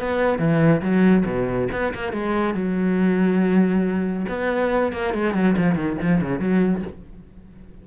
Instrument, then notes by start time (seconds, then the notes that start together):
cello
0.00 B3
0.39 E3
0.82 F#3
1.26 B2
1.72 B3
1.95 A#3
2.13 G#3
2.54 F#3
4.29 B3
4.93 A#3
5.14 G#3
5.34 F#3
5.58 F3
5.75 D#3
6.02 F3
6.21 C#3
6.40 F#3